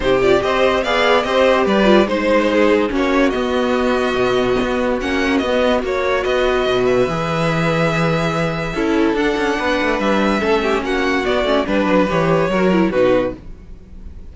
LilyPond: <<
  \new Staff \with { instrumentName = "violin" } { \time 4/4 \tempo 4 = 144 c''8 d''8 dis''4 f''4 dis''4 | d''4 c''2 cis''4 | dis''1 | fis''4 dis''4 cis''4 dis''4~ |
dis''8 e''2.~ e''8~ | e''2 fis''2 | e''2 fis''4 d''4 | b'4 cis''2 b'4 | }
  \new Staff \with { instrumentName = "violin" } { \time 4/4 g'4 c''4 d''4 c''4 | b'4 c''4 gis'4 fis'4~ | fis'1~ | fis'2. b'4~ |
b'1~ | b'4 a'2 b'4~ | b'4 a'8 g'8 fis'2 | b'2 ais'4 fis'4 | }
  \new Staff \with { instrumentName = "viola" } { \time 4/4 dis'8 f'8 g'4 gis'4 g'4~ | g'8 f'8 dis'2 cis'4 | b1 | cis'4 b4 fis'2~ |
fis'4 gis'2.~ | gis'4 e'4 d'2~ | d'4 cis'2 b8 cis'8 | d'4 g'4 fis'8 e'8 dis'4 | }
  \new Staff \with { instrumentName = "cello" } { \time 4/4 c4 c'4 b4 c'4 | g4 gis2 ais4 | b2 b,4 b4 | ais4 b4 ais4 b4 |
b,4 e2.~ | e4 cis'4 d'8 cis'8 b8 a8 | g4 a4 ais4 b8 a8 | g8 fis8 e4 fis4 b,4 | }
>>